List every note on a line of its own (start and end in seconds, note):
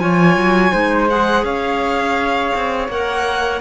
0.00 0.36 F3
0.00 0.72 F4
0.00 0.72 C#5
0.00 1.08 G#5
0.36 0.72 F#3
0.72 1.44 G#3
0.72 1.08 D#4
0.72 1.44 C5
1.09 2.90 G#4
1.09 1.45 F#5
1.44 2.53 C#4
1.44 3.61 C#5
1.44 2.89 F5
2.55 2.88 C4
2.88 3.61 A#3
2.88 3.61 A#4
2.88 3.61 F#5